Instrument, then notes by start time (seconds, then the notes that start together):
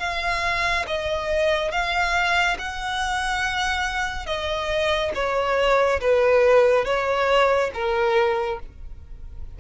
violin
0.00 F5
0.88 D#5
1.72 F5
2.59 F#5
4.27 D#5
5.15 C#5
6.01 B4
6.85 C#5
7.74 A#4